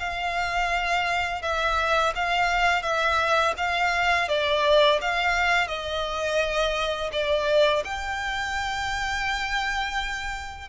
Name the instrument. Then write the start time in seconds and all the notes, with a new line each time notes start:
violin
0.00 F5
1.43 E5
2.16 F5
2.83 E5
3.57 F5
4.29 D5
5.02 F5
5.68 D#5
7.13 D5
7.85 G5